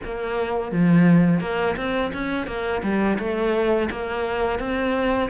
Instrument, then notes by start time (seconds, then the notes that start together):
cello
0.04 A#3
0.71 F3
1.40 A#3
1.76 C4
2.13 C#4
2.46 A#3
2.82 G3
3.18 A3
3.90 A#3
4.59 C4